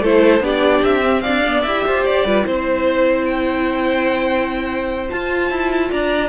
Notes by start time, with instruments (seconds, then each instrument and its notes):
0.00 cello A3, viola E4, violin A4 C5
0.40 cello B3, viola D4, violin G4 D5
0.83 cello C4, violin E5
1.03 viola C4
1.21 cello D4, violin D5 F5
1.48 viola B3
1.62 cello E4, viola G4, violin E5
1.86 cello F4, violin C5
2.05 cello G4, violin D5
2.24 cello G3, viola F4, violin B4
2.46 cello C4, viola E4, violin C5
3.25 violin G5
5.08 viola F4, cello F4, violin A5
5.50 cello E4
5.90 cello D4, violin D5 A#5